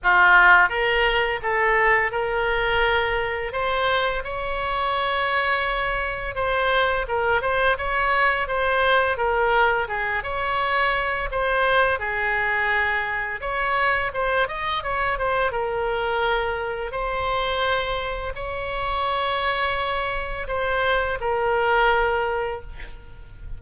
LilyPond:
\new Staff \with { instrumentName = "oboe" } { \time 4/4 \tempo 4 = 85 f'4 ais'4 a'4 ais'4~ | ais'4 c''4 cis''2~ | cis''4 c''4 ais'8 c''8 cis''4 | c''4 ais'4 gis'8 cis''4. |
c''4 gis'2 cis''4 | c''8 dis''8 cis''8 c''8 ais'2 | c''2 cis''2~ | cis''4 c''4 ais'2 | }